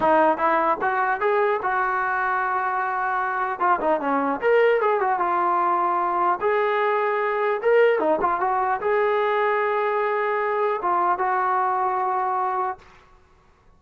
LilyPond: \new Staff \with { instrumentName = "trombone" } { \time 4/4 \tempo 4 = 150 dis'4 e'4 fis'4 gis'4 | fis'1~ | fis'4 f'8 dis'8 cis'4 ais'4 | gis'8 fis'8 f'2. |
gis'2. ais'4 | dis'8 f'8 fis'4 gis'2~ | gis'2. f'4 | fis'1 | }